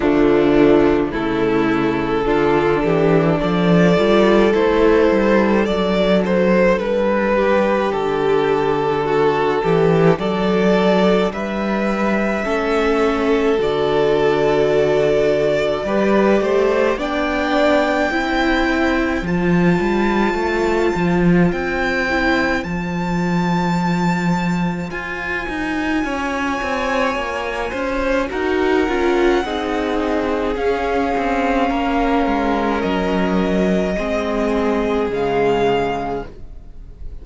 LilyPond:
<<
  \new Staff \with { instrumentName = "violin" } { \time 4/4 \tempo 4 = 53 d'4 a'2 d''4 | c''4 d''8 c''8 b'4 a'4~ | a'4 d''4 e''2 | d''2. g''4~ |
g''4 a''2 g''4 | a''2 gis''2~ | gis''4 fis''2 f''4~ | f''4 dis''2 f''4 | }
  \new Staff \with { instrumentName = "violin" } { \time 4/4 a4 e'4 f'8 g'8 a'4~ | a'2~ a'8 g'4. | fis'8 g'8 a'4 b'4 a'4~ | a'2 b'8 c''8 d''4 |
c''1~ | c''2. cis''4~ | cis''8 c''8 ais'4 gis'2 | ais'2 gis'2 | }
  \new Staff \with { instrumentName = "viola" } { \time 4/4 f4 a4 d'4. f'8 | e'4 d'2.~ | d'2. cis'4 | fis'2 g'4 d'4 |
e'4 f'2~ f'8 e'8 | f'1~ | f'4 fis'8 f'8 dis'4 cis'4~ | cis'2 c'4 gis4 | }
  \new Staff \with { instrumentName = "cello" } { \time 4/4 d4 cis4 d8 e8 f8 g8 | a8 g8 fis4 g4 d4~ | d8 e8 fis4 g4 a4 | d2 g8 a8 b4 |
c'4 f8 g8 a8 f8 c'4 | f2 f'8 dis'8 cis'8 c'8 | ais8 cis'8 dis'8 cis'8 c'4 cis'8 c'8 | ais8 gis8 fis4 gis4 cis4 | }
>>